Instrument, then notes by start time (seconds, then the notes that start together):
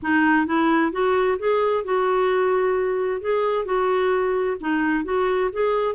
clarinet
0.02 D#4
0.46 E4
0.92 F#4
1.39 G#4
1.84 F#4
3.21 G#4
3.65 F#4
4.60 D#4
5.04 F#4
5.52 G#4